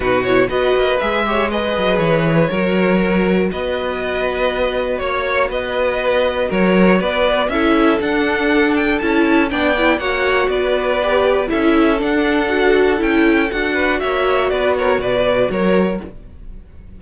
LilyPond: <<
  \new Staff \with { instrumentName = "violin" } { \time 4/4 \tempo 4 = 120 b'8 cis''8 dis''4 e''4 dis''4 | cis''2. dis''4~ | dis''2 cis''4 dis''4~ | dis''4 cis''4 d''4 e''4 |
fis''4. g''8 a''4 g''4 | fis''4 d''2 e''4 | fis''2 g''4 fis''4 | e''4 d''8 cis''8 d''4 cis''4 | }
  \new Staff \with { instrumentName = "violin" } { \time 4/4 fis'4 b'4. cis''8 b'4~ | b'4 ais'2 b'4~ | b'2 cis''4 b'4~ | b'4 ais'4 b'4 a'4~ |
a'2. d''4 | cis''4 b'2 a'4~ | a'2.~ a'8 b'8 | cis''4 b'8 ais'8 b'4 ais'4 | }
  \new Staff \with { instrumentName = "viola" } { \time 4/4 dis'8 e'8 fis'4 gis'8 g'8 gis'4~ | gis'4 fis'2.~ | fis'1~ | fis'2. e'4 |
d'2 e'4 d'8 e'8 | fis'2 g'4 e'4 | d'4 fis'4 e'4 fis'4~ | fis'1 | }
  \new Staff \with { instrumentName = "cello" } { \time 4/4 b,4 b8 ais8 gis4. fis8 | e4 fis2 b4~ | b2 ais4 b4~ | b4 fis4 b4 cis'4 |
d'2 cis'4 b4 | ais4 b2 cis'4 | d'2 cis'4 d'4 | ais4 b4 b,4 fis4 | }
>>